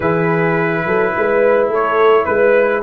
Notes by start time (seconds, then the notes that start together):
0.00 E3 E4 G#4 B4
0.85 F#3 A4
1.16 G#3 B4
1.68 A3 A4 C#5
2.24 G#3 B4